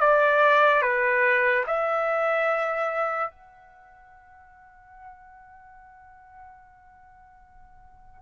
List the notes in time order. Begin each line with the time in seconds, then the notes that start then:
0.00 D5
0.82 B4
1.67 E5
3.31 F#5